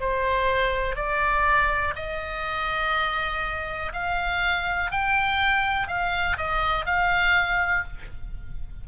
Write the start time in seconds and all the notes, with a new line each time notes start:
0.00 C5
0.96 D5
1.96 D#5
3.93 F5
4.91 G5
5.88 F5
6.37 D#5
6.86 F5